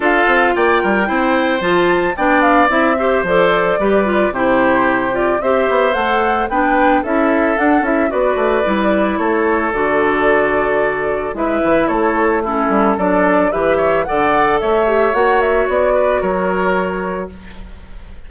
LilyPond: <<
  \new Staff \with { instrumentName = "flute" } { \time 4/4 \tempo 4 = 111 f''4 g''2 a''4 | g''8 f''8 e''4 d''2 | c''4. d''8 e''4 fis''4 | g''4 e''4 fis''8 e''8 d''4~ |
d''4 cis''4 d''2~ | d''4 e''4 cis''4 a'4 | d''4 e''4 fis''4 e''4 | fis''8 e''8 d''4 cis''2 | }
  \new Staff \with { instrumentName = "oboe" } { \time 4/4 a'4 d''8 ais'8 c''2 | d''4. c''4. b'4 | g'2 c''2 | b'4 a'2 b'4~ |
b'4 a'2.~ | a'4 b'4 a'4 e'4 | a'4 b'8 cis''8 d''4 cis''4~ | cis''4. b'8 ais'2 | }
  \new Staff \with { instrumentName = "clarinet" } { \time 4/4 f'2 e'4 f'4 | d'4 e'8 g'8 a'4 g'8 f'8 | e'4. f'8 g'4 a'4 | d'4 e'4 d'8 e'8 fis'4 |
e'2 fis'2~ | fis'4 e'2 cis'4 | d'4 g'4 a'4. g'8 | fis'1 | }
  \new Staff \with { instrumentName = "bassoon" } { \time 4/4 d'8 c'8 ais8 g8 c'4 f4 | b4 c'4 f4 g4 | c2 c'8 b8 a4 | b4 cis'4 d'8 cis'8 b8 a8 |
g4 a4 d2~ | d4 gis8 e8 a4. g8 | fis4 e4 d4 a4 | ais4 b4 fis2 | }
>>